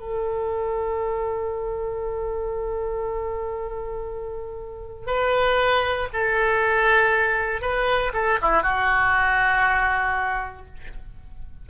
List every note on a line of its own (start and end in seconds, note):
0.00 5.07 A4
5.07 6.09 B4
6.13 7.62 A4
7.62 8.13 B4
8.13 8.39 A4
8.42 8.63 E4
8.63 10.66 F#4